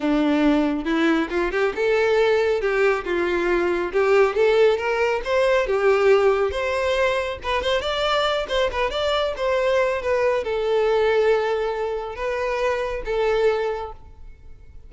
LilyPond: \new Staff \with { instrumentName = "violin" } { \time 4/4 \tempo 4 = 138 d'2 e'4 f'8 g'8 | a'2 g'4 f'4~ | f'4 g'4 a'4 ais'4 | c''4 g'2 c''4~ |
c''4 b'8 c''8 d''4. c''8 | b'8 d''4 c''4. b'4 | a'1 | b'2 a'2 | }